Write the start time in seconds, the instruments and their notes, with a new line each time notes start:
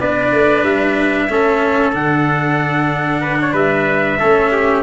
0.00 tuba B3, cello D4, trumpet B4 D5
0.32 tuba A3
0.63 tuba G3, trumpet E5
1.30 tuba A3, cello C#4, trumpet A4
1.93 tuba D3, cello D4, trumpet F#5
3.21 trumpet B4
3.41 trumpet C#5
3.53 tuba G3, trumpet B4 E5
4.19 tuba A3, cello C#4, trumpet A4
4.52 trumpet G4